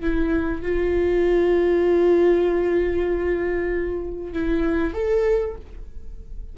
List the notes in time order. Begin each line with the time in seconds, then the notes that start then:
0.00 E4
0.61 F4
4.33 E4
4.93 A4